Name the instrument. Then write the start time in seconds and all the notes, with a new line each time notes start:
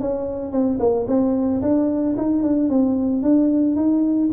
tuba
0.00 C#4
0.52 C4
0.79 A#3
1.07 C4
1.62 D4
2.17 D#4
2.43 D4
2.70 C4
3.23 D4
3.76 D#4